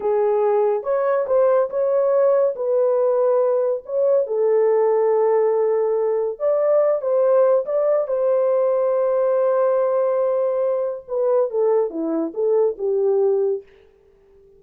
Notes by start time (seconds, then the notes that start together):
0.00 G#4
0.83 C#5
1.27 C5
1.69 C#5
2.55 B4
3.85 C#5
4.26 A4
6.39 D5
7.01 C5
7.65 D5
8.07 C5
11.08 B4
11.50 A4
11.90 E4
12.33 A4
12.78 G4